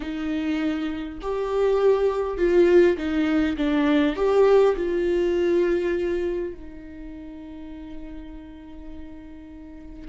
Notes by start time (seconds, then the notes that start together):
0.00 D#4
1.21 G4
2.37 F4
2.97 D#4
3.56 D4
4.16 G4
4.76 F4
6.54 D#4